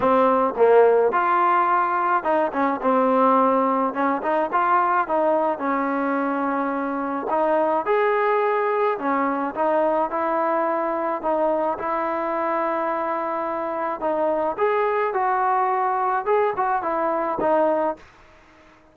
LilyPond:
\new Staff \with { instrumentName = "trombone" } { \time 4/4 \tempo 4 = 107 c'4 ais4 f'2 | dis'8 cis'8 c'2 cis'8 dis'8 | f'4 dis'4 cis'2~ | cis'4 dis'4 gis'2 |
cis'4 dis'4 e'2 | dis'4 e'2.~ | e'4 dis'4 gis'4 fis'4~ | fis'4 gis'8 fis'8 e'4 dis'4 | }